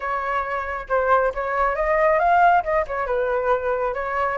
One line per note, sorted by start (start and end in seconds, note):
0.00 0.87 C#5
0.89 1.32 C5
1.34 1.75 C#5
1.75 2.19 D#5
2.19 2.63 F5
2.63 2.85 D#5
2.87 3.06 C#5
3.06 3.94 B4
3.94 4.37 C#5